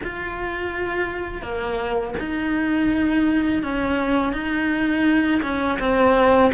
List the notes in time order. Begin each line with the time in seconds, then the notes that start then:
0.03 F4
1.42 A#3
2.19 D#4
3.62 C#4
4.32 D#4
5.42 C#4
5.79 C4